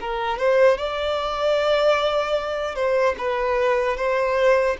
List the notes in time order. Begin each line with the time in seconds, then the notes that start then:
0.00 A#4
0.38 C5
0.77 D5
2.75 C5
3.18 B4
3.97 C5